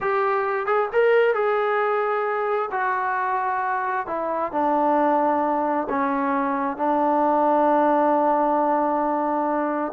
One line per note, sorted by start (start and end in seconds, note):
0.00 0.66 G4
0.66 0.89 G#4
0.92 1.34 A#4
1.34 2.69 G#4
2.71 4.06 F#4
4.06 4.52 E4
4.52 5.87 D4
5.89 6.77 C#4
6.77 9.92 D4